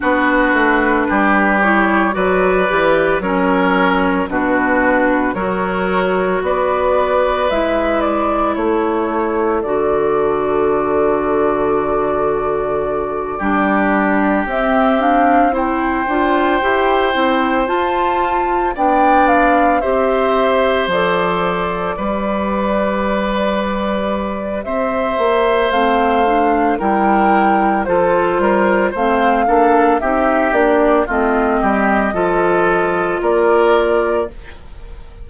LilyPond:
<<
  \new Staff \with { instrumentName = "flute" } { \time 4/4 \tempo 4 = 56 b'4. cis''8 d''4 cis''4 | b'4 cis''4 d''4 e''8 d''8 | cis''4 d''2.~ | d''4. e''8 f''8 g''4.~ |
g''8 a''4 g''8 f''8 e''4 d''8~ | d''2. e''4 | f''4 g''4 c''4 f''4 | e''8 d''8 dis''2 d''4 | }
  \new Staff \with { instrumentName = "oboe" } { \time 4/4 fis'4 g'4 b'4 ais'4 | fis'4 ais'4 b'2 | a'1~ | a'8 g'2 c''4.~ |
c''4. d''4 c''4.~ | c''8 b'2~ b'8 c''4~ | c''4 ais'4 a'8 ais'8 c''8 a'8 | g'4 f'8 g'8 a'4 ais'4 | }
  \new Staff \with { instrumentName = "clarinet" } { \time 4/4 d'4. e'8 fis'8 g'8 cis'4 | d'4 fis'2 e'4~ | e'4 fis'2.~ | fis'8 d'4 c'8 d'8 e'8 f'8 g'8 |
e'8 f'4 d'4 g'4 a'8~ | a'8 g'2.~ g'8 | c'8 d'8 e'4 f'4 c'8 d'8 | dis'8 d'8 c'4 f'2 | }
  \new Staff \with { instrumentName = "bassoon" } { \time 4/4 b8 a8 g4 fis8 e8 fis4 | b,4 fis4 b4 gis4 | a4 d2.~ | d8 g4 c'4. d'8 e'8 |
c'8 f'4 b4 c'4 f8~ | f8 g2~ g8 c'8 ais8 | a4 g4 f8 g8 a8 ais8 | c'8 ais8 a8 g8 f4 ais4 | }
>>